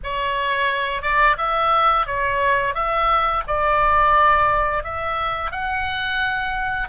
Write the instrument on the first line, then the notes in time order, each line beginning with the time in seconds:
oboe
0.03 C#5
1.02 D5
1.37 E5
2.06 C#5
2.74 E5
3.47 D5
4.83 E5
5.51 F#5